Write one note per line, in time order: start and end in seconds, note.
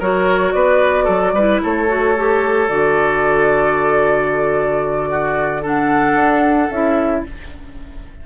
0.00 0.54 F#3
0.00 1.36 F#4
0.00 0.54 A#4
0.00 0.53 C#5
0.53 1.08 B3
0.53 1.05 B4
0.53 1.60 D5
1.05 1.33 F#3
1.05 1.31 A4
1.33 1.60 G3
1.33 1.88 E4
1.33 1.62 B4
1.64 2.70 A3
1.64 5.10 A4
1.64 2.70 C#5
1.88 2.15 F#4
2.17 2.69 G4
2.69 6.15 D3
2.69 5.63 F#4
2.69 5.64 D5
5.10 5.62 F#4
5.62 6.70 D4
5.62 7.23 A4
5.62 6.70 F#5
6.15 6.69 D4
6.70 7.25 C#4
6.70 7.27 E4
6.70 7.24 E5